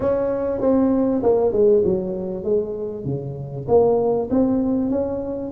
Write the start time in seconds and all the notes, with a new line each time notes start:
0.00 C#4
0.60 C4
1.22 A#3
1.52 G#3
1.84 F#3
2.44 G#3
3.04 C#3
3.67 A#3
4.30 C4
4.90 C#4